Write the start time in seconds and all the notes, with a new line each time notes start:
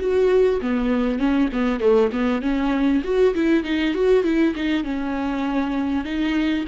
0.00 F#4
0.61 B3
1.19 C#4
1.53 B3
1.80 A3
2.12 B3
2.42 C#4
3.04 F#4
3.35 E4
3.64 D#4
3.94 F#4
4.24 E4
4.55 D#4
4.84 C#4
6.05 D#4